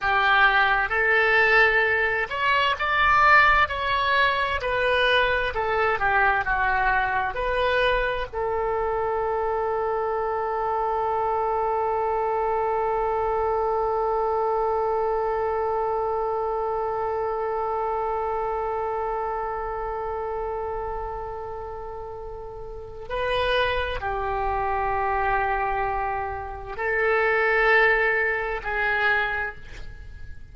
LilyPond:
\new Staff \with { instrumentName = "oboe" } { \time 4/4 \tempo 4 = 65 g'4 a'4. cis''8 d''4 | cis''4 b'4 a'8 g'8 fis'4 | b'4 a'2.~ | a'1~ |
a'1~ | a'1~ | a'4 b'4 g'2~ | g'4 a'2 gis'4 | }